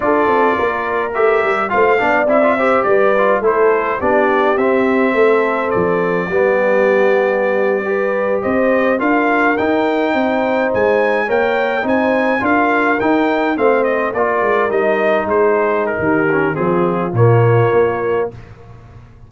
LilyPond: <<
  \new Staff \with { instrumentName = "trumpet" } { \time 4/4 \tempo 4 = 105 d''2 e''4 f''4 | e''4 d''4 c''4 d''4 | e''2 d''2~ | d''2~ d''8. dis''4 f''16~ |
f''8. g''2 gis''4 g''16~ | g''8. gis''4 f''4 g''4 f''16~ | f''16 dis''8 d''4 dis''4 c''4 ais'16~ | ais'4 gis'4 cis''2 | }
  \new Staff \with { instrumentName = "horn" } { \time 4/4 a'4 ais'2 c''8 d''8~ | d''8 c''8 b'4 a'4 g'4~ | g'4 a'2 g'4~ | g'4.~ g'16 b'4 c''4 ais'16~ |
ais'4.~ ais'16 c''2 cis''16~ | cis''8. c''4 ais'2 c''16~ | c''8. ais'2 gis'4~ gis'16 | g'4 f'2. | }
  \new Staff \with { instrumentName = "trombone" } { \time 4/4 f'2 g'4 f'8 d'8 | e'16 f'16 g'4 f'8 e'4 d'4 | c'2. b4~ | b4.~ b16 g'2 f'16~ |
f'8. dis'2. ais'16~ | ais'8. dis'4 f'4 dis'4 c'16~ | c'8. f'4 dis'2~ dis'16~ | dis'8 cis'8 c'4 ais2 | }
  \new Staff \with { instrumentName = "tuba" } { \time 4/4 d'8 c'8 ais4 a8 g8 a8 b8 | c'4 g4 a4 b4 | c'4 a4 f4 g4~ | g2~ g8. c'4 d'16~ |
d'8. dis'4 c'4 gis4 ais16~ | ais8. c'4 d'4 dis'4 a16~ | a8. ais8 gis8 g4 gis4~ gis16 | dis4 f4 ais,4 ais4 | }
>>